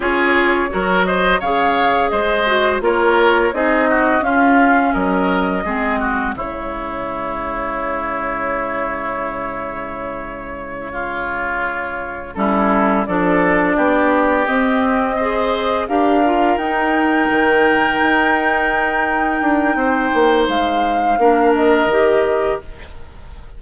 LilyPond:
<<
  \new Staff \with { instrumentName = "flute" } { \time 4/4 \tempo 4 = 85 cis''4. dis''8 f''4 dis''4 | cis''4 dis''4 f''4 dis''4~ | dis''4 cis''2.~ | cis''1~ |
cis''4. a'4 d''4.~ | d''8 dis''2 f''4 g''8~ | g''1~ | g''4 f''4. dis''4. | }
  \new Staff \with { instrumentName = "oboe" } { \time 4/4 gis'4 ais'8 c''8 cis''4 c''4 | ais'4 gis'8 fis'8 f'4 ais'4 | gis'8 fis'8 e'2.~ | e'2.~ e'8 f'8~ |
f'4. e'4 a'4 g'8~ | g'4. c''4 ais'4.~ | ais'1 | c''2 ais'2 | }
  \new Staff \with { instrumentName = "clarinet" } { \time 4/4 f'4 fis'4 gis'4. fis'8 | f'4 dis'4 cis'2 | c'4 gis2.~ | gis1~ |
gis4. cis'4 d'4.~ | d'8 c'4 gis'4 g'8 f'8 dis'8~ | dis'1~ | dis'2 d'4 g'4 | }
  \new Staff \with { instrumentName = "bassoon" } { \time 4/4 cis'4 fis4 cis4 gis4 | ais4 c'4 cis'4 fis4 | gis4 cis2.~ | cis1~ |
cis4. g4 f4 b8~ | b8 c'2 d'4 dis'8~ | dis'8 dis4 dis'2 d'8 | c'8 ais8 gis4 ais4 dis4 | }
>>